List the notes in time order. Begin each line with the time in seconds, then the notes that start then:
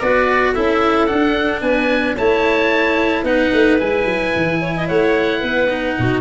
0.00 B3 F#4 B4 D5
0.53 C#4 E4 A4 E5
1.06 D4 F#5
1.61 B3 B4 G#5
2.16 A3 E4 C#5 A5
3.23 B3 D#4 B4 F#5
3.52 A3
3.78 G#3 E4 G#5
4.04 F#3
4.35 E3
4.60 C#5
4.76 D#5
4.87 A3 C#5 F#5
5.40 B3 B4
5.68 D#4
5.98 B2 F#4